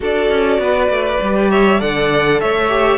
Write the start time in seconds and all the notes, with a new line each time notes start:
0.00 D4 F#4 A4 D5
0.29 C#4
0.58 B3 B4
0.89 A3
1.21 G3 G4
1.50 C#5 E5
1.78 D3 A4 D5 F#5
2.40 A3 C#5 E5
2.68 G4